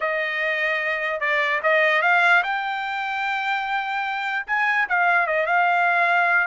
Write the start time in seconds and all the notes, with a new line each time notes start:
0.00 D#5
1.20 D5
1.62 D#5
2.02 F5
2.43 G5
4.46 G#5
4.89 F5
5.26 D#5
5.46 F5